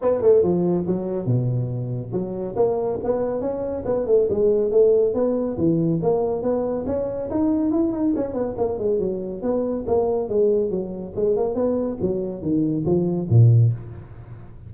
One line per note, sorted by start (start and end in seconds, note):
0.01 0.21 B3
0.21 0.42 A3
0.42 0.85 F3
0.86 1.26 F#3
1.26 2.11 B2
2.12 2.55 F#3
2.56 2.99 A#3
3.03 3.41 B3
3.41 3.83 C#4
3.85 4.06 B3
4.06 4.28 A3
4.29 4.71 G#3
4.71 5.14 A3
5.14 5.57 B3
5.57 6.00 E3
6.02 6.42 A#3
6.42 6.85 B3
6.86 7.29 C#4
7.30 7.71 D#4
7.71 7.92 E4
7.92 8.13 D#4
8.16 8.33 C#4
8.33 8.55 B3
8.57 8.78 A#3
8.78 8.99 G#3
8.99 9.41 F#3
9.41 9.84 B3
9.86 10.28 A#3
10.28 10.70 G#3
10.70 11.13 F#3
11.15 11.36 G#3
11.36 11.54 A#3
11.54 11.97 B3
12.01 12.42 F#3
12.42 12.85 D#3
12.85 13.28 F3
13.29 13.72 A#2